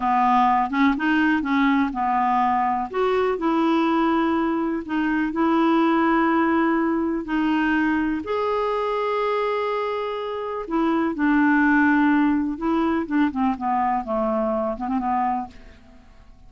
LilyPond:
\new Staff \with { instrumentName = "clarinet" } { \time 4/4 \tempo 4 = 124 b4. cis'8 dis'4 cis'4 | b2 fis'4 e'4~ | e'2 dis'4 e'4~ | e'2. dis'4~ |
dis'4 gis'2.~ | gis'2 e'4 d'4~ | d'2 e'4 d'8 c'8 | b4 a4. b16 c'16 b4 | }